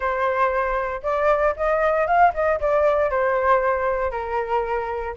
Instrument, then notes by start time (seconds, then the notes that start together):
flute
0.00 C5
1.03 D5
1.56 D#5
2.07 F5
2.34 D#5
2.60 D5
3.10 C5
4.11 A#4